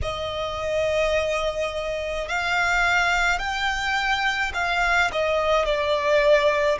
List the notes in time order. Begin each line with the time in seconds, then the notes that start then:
0.02 D#5
2.28 F5
3.39 G5
4.54 F5
5.11 D#5
5.65 D5